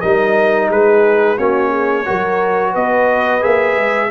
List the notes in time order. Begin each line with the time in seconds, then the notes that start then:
0.00 G3 D#4 A#4 D#5
0.69 G#3 G#4 B4
1.37 A#3 C#4 F#4 C#5
1.70 G#4
2.05 F#3 F#4 A#4
2.71 B3 B4 D#5
3.40 A#3 G#4 E5
3.76 G#3